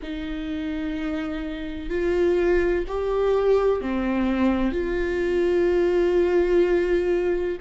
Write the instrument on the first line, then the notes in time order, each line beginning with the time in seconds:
viola
0.02 D#4
1.89 F4
2.87 G4
3.81 C4
4.71 F4